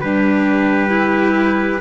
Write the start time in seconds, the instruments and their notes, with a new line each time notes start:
0.00 double bass G3, violin D4, cello G4, trumpet B4
0.89 violin E4